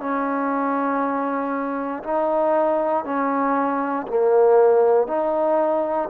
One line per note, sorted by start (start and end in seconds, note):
0.00 2.03 C#4
2.04 3.05 D#4
3.05 4.07 C#4
4.08 5.08 A#3
5.08 6.09 D#4